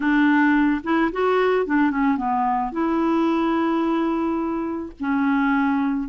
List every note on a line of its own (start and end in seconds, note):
0.00 0.81 D4
0.83 1.11 E4
1.12 1.66 F#4
1.66 1.90 D4
1.90 2.17 C#4
2.17 2.71 B3
2.71 4.92 E4
4.99 6.08 C#4